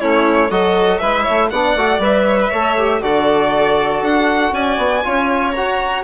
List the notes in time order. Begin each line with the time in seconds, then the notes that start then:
0.00 A3 C#4 E4 C#5
0.50 F#3 F#4 A4 D#5
0.98 G#3 E4 B4 E5
1.23 A3 C#5
1.49 B3 D4 D5 F#5
1.75 A3 F#4
1.98 G3 B4 E5
2.27 C#5
2.40 B4
2.49 A3 A4 C#5
2.78 G4
3.02 D3 F#4 A4 D5
4.01 D4 F#5
4.52 C#4 D5 G#5
4.77 B3
5.04 C#4 F4 C#5
5.52 F#4 A#5